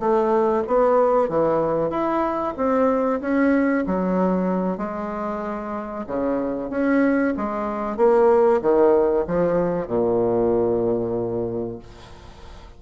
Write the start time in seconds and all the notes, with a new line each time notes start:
0.00 A3
0.68 B3
1.29 E3
1.91 E4
2.57 C4
3.21 C#4
3.87 F#3
4.78 G#3
6.07 C#3
6.71 C#4
7.37 G#3
7.97 A#3
8.62 D#3
9.28 F3
9.88 A#2